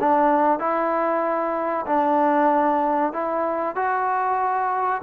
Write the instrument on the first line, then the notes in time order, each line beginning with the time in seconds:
trombone
0.00 D4
0.59 E4
1.86 D4
3.13 E4
3.75 F#4